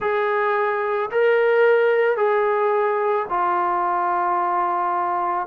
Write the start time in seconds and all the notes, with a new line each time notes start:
0.00 G#4
1.11 A#4
2.16 G#4
3.29 F4